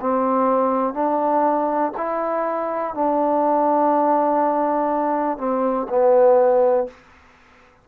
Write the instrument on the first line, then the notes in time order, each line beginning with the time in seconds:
trombone
0.00 C4
0.94 D4
1.97 E4
2.94 D4
5.37 C4
5.89 B3